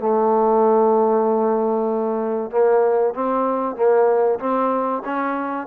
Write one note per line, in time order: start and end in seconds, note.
0.00 2.52 A3
2.52 3.15 A#3
3.15 3.76 C4
3.76 4.40 A#3
4.40 5.03 C4
5.06 5.68 C#4